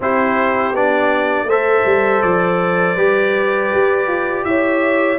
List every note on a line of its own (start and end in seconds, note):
0.00 0.72 C4
0.00 0.74 E4
0.00 1.47 G4
0.00 0.75 C5
0.72 1.44 B3
0.72 1.48 D4
0.72 1.49 D5
1.44 1.81 A3
1.44 2.95 C5
1.44 2.22 E5
1.50 2.97 A4
1.85 2.22 G3
2.22 2.96 F3
2.22 4.44 D5
2.95 3.70 G3
2.95 5.19 G4
2.95 4.43 B4
3.73 4.07 G4
4.07 4.44 F4
4.44 5.18 E4
4.44 5.19 C#5
4.44 5.18 E5